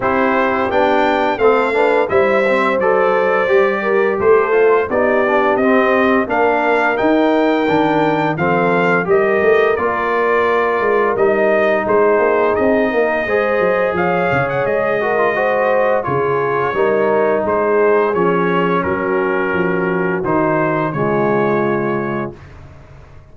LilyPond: <<
  \new Staff \with { instrumentName = "trumpet" } { \time 4/4 \tempo 4 = 86 c''4 g''4 f''4 e''4 | d''2 c''4 d''4 | dis''4 f''4 g''2 | f''4 dis''4 d''2 |
dis''4 c''4 dis''2 | f''8. fis''16 dis''2 cis''4~ | cis''4 c''4 cis''4 ais'4~ | ais'4 c''4 cis''2 | }
  \new Staff \with { instrumentName = "horn" } { \time 4/4 g'2 a'8 b'8 c''4~ | c''4. ais'8 a'4 g'4~ | g'4 ais'2. | a'4 ais'2.~ |
ais'4 gis'4. ais'8 c''4 | cis''4. ais'8 c''4 gis'4 | ais'4 gis'2 fis'4~ | fis'2 f'2 | }
  \new Staff \with { instrumentName = "trombone" } { \time 4/4 e'4 d'4 c'8 d'8 e'8 c'8 | a'4 g'4. f'8 dis'8 d'8 | c'4 d'4 dis'4 d'4 | c'4 g'4 f'2 |
dis'2. gis'4~ | gis'4. fis'16 f'16 fis'4 f'4 | dis'2 cis'2~ | cis'4 dis'4 gis2 | }
  \new Staff \with { instrumentName = "tuba" } { \time 4/4 c'4 b4 a4 g4 | fis4 g4 a4 b4 | c'4 ais4 dis'4 dis4 | f4 g8 a8 ais4. gis8 |
g4 gis8 ais8 c'8 ais8 gis8 fis8 | f8 cis8 gis2 cis4 | g4 gis4 f4 fis4 | f4 dis4 cis2 | }
>>